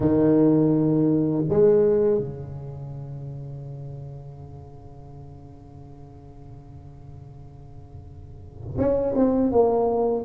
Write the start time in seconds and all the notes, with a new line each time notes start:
0.00 D#3
1.49 G#3
2.18 C#3
8.78 C#4
9.15 C4
9.51 A#3